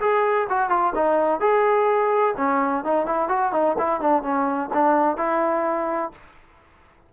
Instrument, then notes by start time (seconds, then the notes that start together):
trombone
0.00 G#4
0.49 F#4
0.69 F4
0.95 D#4
1.40 G#4
2.37 C#4
2.84 D#4
3.06 E4
3.29 F#4
3.52 D#4
3.78 E4
4.01 D4
4.23 C#4
4.73 D4
5.17 E4